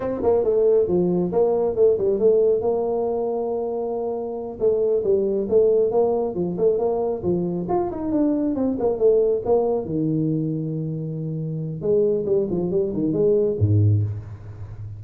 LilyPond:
\new Staff \with { instrumentName = "tuba" } { \time 4/4 \tempo 4 = 137 c'8 ais8 a4 f4 ais4 | a8 g8 a4 ais2~ | ais2~ ais8 a4 g8~ | g8 a4 ais4 f8 a8 ais8~ |
ais8 f4 f'8 dis'8 d'4 c'8 | ais8 a4 ais4 dis4.~ | dis2. gis4 | g8 f8 g8 dis8 gis4 gis,4 | }